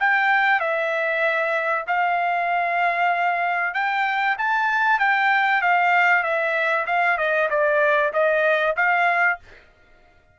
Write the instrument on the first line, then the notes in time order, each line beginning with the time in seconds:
trumpet
0.00 G5
0.60 E5
1.87 F5
3.74 G5
4.38 A5
4.99 G5
5.62 F5
6.24 E5
6.87 F5
7.18 D#5
7.50 D5
8.13 D#5
8.77 F5